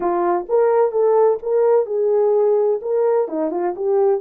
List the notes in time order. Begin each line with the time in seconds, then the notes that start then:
0.00 F4
0.48 A#4
0.91 A4
1.42 A#4
1.86 G#4
2.81 A#4
3.27 D#4
3.50 F4
3.76 G4